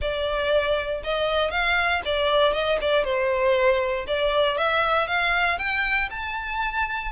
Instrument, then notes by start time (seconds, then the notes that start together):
violin
0.01 D5
1.03 D#5
1.50 F5
2.05 D5
2.53 D#5
2.81 D5
3.04 C5
4.07 D5
4.57 E5
5.07 F5
5.58 G5
6.10 A5